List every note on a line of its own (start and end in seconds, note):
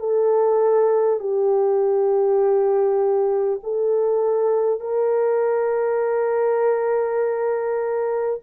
0.00 1.20 A4
1.20 3.60 G4
3.63 4.80 A4
4.80 8.40 A#4